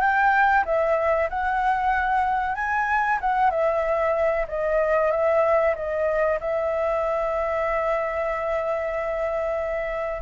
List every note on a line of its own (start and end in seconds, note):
0.00 0.64 G5
0.65 1.29 E5
1.30 2.55 F#5
2.55 3.19 G#5
3.21 3.50 F#5
3.50 4.46 E5
4.48 5.11 D#5
5.11 5.75 E5
5.75 6.39 D#5
6.40 10.22 E5